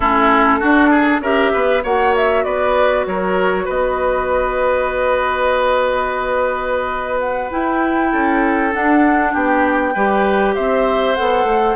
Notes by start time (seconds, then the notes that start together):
0.00 A3 C#4 E4 A4
0.59 D4 F#4
0.90 G#4
1.20 C#4 G4 A#4 E5
1.53 B3 B4
1.83 A#3 F#4 C#5 F#5
2.16 E5
2.44 B3 B4 D5
3.06 F#3 A#4 C#5
3.65 B3 B4 D#5
7.19 F#5
7.51 E4 G5
8.12 C#4 A4
8.72 D4 F#5
9.32 B3 G4 G5
9.93 G3 G4 B4
10.54 C4 C5 E5
11.15 B3 A4 F#5
11.44 A3